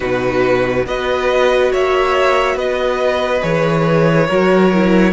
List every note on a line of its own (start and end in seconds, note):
0.00 0.86 B2
0.00 0.85 D#4
0.00 0.86 F#4
0.00 0.86 B4
0.85 1.71 B3
0.85 3.41 F#4
0.85 1.71 B4
0.85 1.72 D#5
1.71 2.55 A#3
1.71 2.55 C#5
1.71 2.57 E5
2.55 3.41 B3
2.55 4.27 B4
2.55 3.42 D#5
3.41 4.29 E3
3.41 4.27 G#4
3.41 5.12 C#5
4.27 5.12 F#3
4.27 4.71 F#4
4.27 5.12 A#4
4.73 5.12 E4